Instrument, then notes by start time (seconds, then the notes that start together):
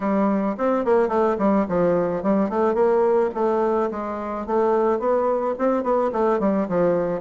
bassoon
0.00 G3
0.57 C4
0.84 A#3
1.08 A3
1.38 G3
1.68 F3
2.22 G3
2.49 A3
2.74 A#3
3.34 A3
3.90 G#3
4.46 A3
4.99 B3
5.58 C4
5.83 B3
6.12 A3
6.39 G3
6.68 F3